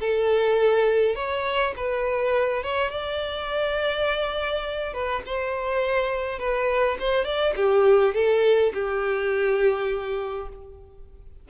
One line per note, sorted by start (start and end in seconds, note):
0.00 1.16 A4
1.16 1.74 C#5
1.77 2.63 B4
2.63 2.91 C#5
2.91 4.94 D5
4.94 5.23 B4
5.26 6.39 C5
6.39 6.97 B4
7.00 7.25 C5
7.25 7.54 D5
7.56 8.14 G4
8.14 8.73 A4
8.74 10.49 G4